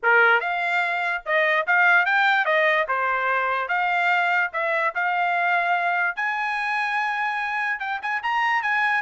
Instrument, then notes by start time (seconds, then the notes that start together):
trumpet
0.03 A#4
0.40 F5
1.25 D#5
1.66 F5
2.05 G5
2.45 D#5
2.88 C5
3.68 F5
4.52 E5
4.94 F5
6.16 G#5
7.79 G5
8.02 G#5
8.22 A#5
8.62 G#5